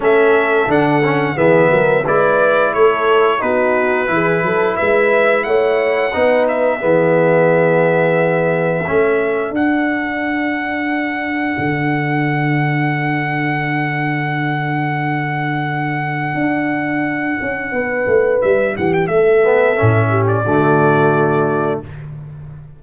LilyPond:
<<
  \new Staff \with { instrumentName = "trumpet" } { \time 4/4 \tempo 4 = 88 e''4 fis''4 e''4 d''4 | cis''4 b'2 e''4 | fis''4. e''2~ e''8~ | e''2 fis''2~ |
fis''1~ | fis''1~ | fis''2. e''8 fis''16 g''16 | e''4.~ e''16 d''2~ d''16 | }
  \new Staff \with { instrumentName = "horn" } { \time 4/4 a'2 gis'8 ais'8 b'4 | a'4 fis'4 gis'8 a'8 b'4 | cis''4 b'4 gis'2~ | gis'4 a'2.~ |
a'1~ | a'1~ | a'2 b'4. g'8 | a'4. g'8 fis'2 | }
  \new Staff \with { instrumentName = "trombone" } { \time 4/4 cis'4 d'8 cis'8 b4 e'4~ | e'4 dis'4 e'2~ | e'4 dis'4 b2~ | b4 cis'4 d'2~ |
d'1~ | d'1~ | d'1~ | d'8 b8 cis'4 a2 | }
  \new Staff \with { instrumentName = "tuba" } { \time 4/4 a4 d4 e8 fis8 gis4 | a4 b4 e8 fis8 gis4 | a4 b4 e2~ | e4 a4 d'2~ |
d'4 d2.~ | d1 | d'4. cis'8 b8 a8 g8 e8 | a4 a,4 d2 | }
>>